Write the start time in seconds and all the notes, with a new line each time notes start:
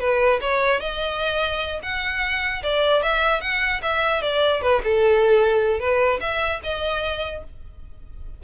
0.00 B4
0.41 C#5
0.80 D#5
1.83 F#5
2.63 D5
3.03 E5
3.41 F#5
3.83 E5
4.22 D5
4.62 B4
4.84 A4
5.80 B4
6.21 E5
6.64 D#5